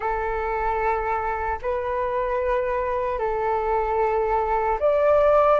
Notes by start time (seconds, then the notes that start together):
0.00 A4
1.61 B4
3.19 A4
4.79 D5